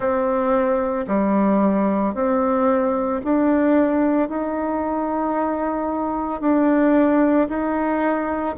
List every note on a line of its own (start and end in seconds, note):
0.00 1.06 C4
1.07 2.14 G3
2.14 3.21 C4
3.23 4.29 D4
4.29 6.40 D#4
6.40 7.48 D4
7.48 8.55 D#4